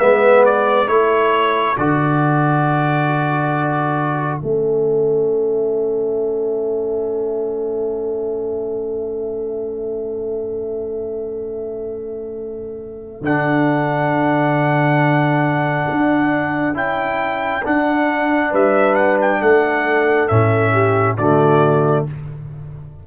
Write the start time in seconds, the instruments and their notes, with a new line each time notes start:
0.00 tuba G#3, trombone B3, horn B4, trumpet E5
0.46 trumpet D5
0.87 tuba A3, trombone E4, horn A4, trumpet C#5
1.78 tuba D3, trombone F#4, trumpet D5
4.38 tuba A3, trombone C#4, trumpet E5
13.22 tuba D3, trombone D4, trumpet F#5
15.91 tuba D4
16.74 tuba C#4, trombone E4, trumpet G5
17.65 trombone D4, tuba D4, trumpet F#5
18.51 tuba G3, horn B4, trumpet E5
18.96 trumpet F#5
19.22 trumpet G5
19.42 tuba A3, horn A4, trumpet F#5
20.28 tuba A2, trombone C#4, trumpet E5
20.73 horn G4
21.18 tuba D3, trombone A3, horn F#4, trumpet D5